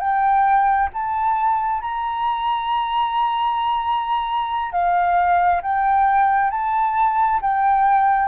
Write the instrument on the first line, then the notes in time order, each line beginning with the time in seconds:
flute
0.00 G5
0.94 A5
1.82 A#5
4.72 F5
5.63 G5
6.51 A5
7.41 G5